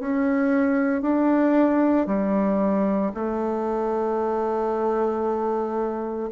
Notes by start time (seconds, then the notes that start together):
0.00 C#4
1.02 D4
2.07 G3
3.14 A3